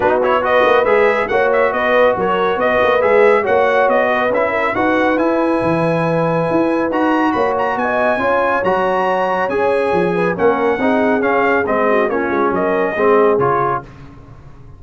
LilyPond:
<<
  \new Staff \with { instrumentName = "trumpet" } { \time 4/4 \tempo 4 = 139 b'8 cis''8 dis''4 e''4 fis''8 e''8 | dis''4 cis''4 dis''4 e''4 | fis''4 dis''4 e''4 fis''4 | gis''1 |
ais''4 b''8 ais''8 gis''2 | ais''2 gis''2 | fis''2 f''4 dis''4 | cis''4 dis''2 cis''4 | }
  \new Staff \with { instrumentName = "horn" } { \time 4/4 fis'4 b'2 cis''4 | b'4 ais'4 b'2 | cis''4. b'4 ais'8 b'4~ | b'1~ |
b'4 cis''4 dis''4 cis''4~ | cis''2.~ cis''8 b'8 | ais'4 gis'2~ gis'8 fis'8 | f'4 ais'4 gis'2 | }
  \new Staff \with { instrumentName = "trombone" } { \time 4/4 dis'8 e'8 fis'4 gis'4 fis'4~ | fis'2. gis'4 | fis'2 e'4 fis'4 | e'1 |
fis'2. f'4 | fis'2 gis'2 | cis'4 dis'4 cis'4 c'4 | cis'2 c'4 f'4 | }
  \new Staff \with { instrumentName = "tuba" } { \time 4/4 b4. ais8 gis4 ais4 | b4 fis4 b8 ais8 gis4 | ais4 b4 cis'4 dis'4 | e'4 e2 e'4 |
dis'4 ais4 b4 cis'4 | fis2 cis'4 f4 | ais4 c'4 cis'4 gis4 | ais8 gis8 fis4 gis4 cis4 | }
>>